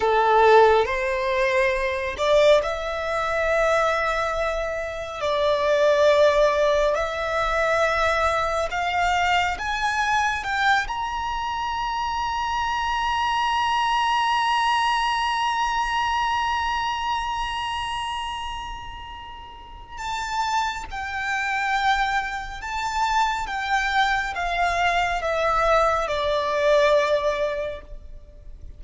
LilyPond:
\new Staff \with { instrumentName = "violin" } { \time 4/4 \tempo 4 = 69 a'4 c''4. d''8 e''4~ | e''2 d''2 | e''2 f''4 gis''4 | g''8 ais''2.~ ais''8~ |
ais''1~ | ais''2. a''4 | g''2 a''4 g''4 | f''4 e''4 d''2 | }